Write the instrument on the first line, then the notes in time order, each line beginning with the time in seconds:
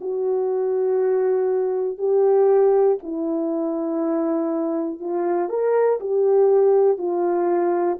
horn
0.00 F#4
1.98 G4
3.03 E4
5.00 F4
5.49 A#4
6.00 G4
6.98 F4